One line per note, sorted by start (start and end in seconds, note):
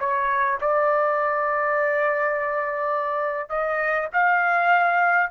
0.00 0.59 C#5
0.61 3.49 D5
3.49 4.08 D#5
4.13 5.30 F5